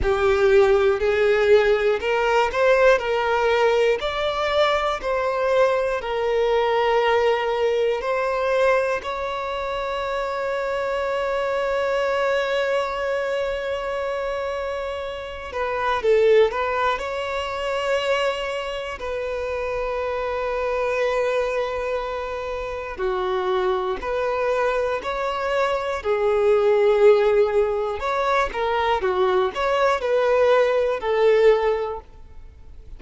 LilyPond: \new Staff \with { instrumentName = "violin" } { \time 4/4 \tempo 4 = 60 g'4 gis'4 ais'8 c''8 ais'4 | d''4 c''4 ais'2 | c''4 cis''2.~ | cis''2.~ cis''8 b'8 |
a'8 b'8 cis''2 b'4~ | b'2. fis'4 | b'4 cis''4 gis'2 | cis''8 ais'8 fis'8 cis''8 b'4 a'4 | }